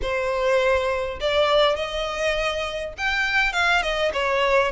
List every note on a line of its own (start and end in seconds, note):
0.02 1.19 C5
1.20 1.76 D5
1.76 2.93 D#5
2.97 3.52 G5
3.52 3.82 F5
3.82 4.11 D#5
4.13 4.71 C#5